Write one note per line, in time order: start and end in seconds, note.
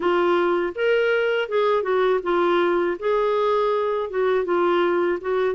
0.00 0.73 F4
0.75 1.48 A#4
1.48 1.82 G#4
1.82 2.20 F#4
2.23 2.97 F4
2.99 4.10 G#4
4.10 4.44 F#4
4.44 5.19 F4
5.21 5.55 F#4